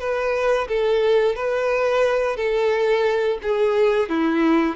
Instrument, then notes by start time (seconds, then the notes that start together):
violin
0.00 B4
0.68 A4
1.36 B4
2.37 A4
3.43 G#4
4.09 E4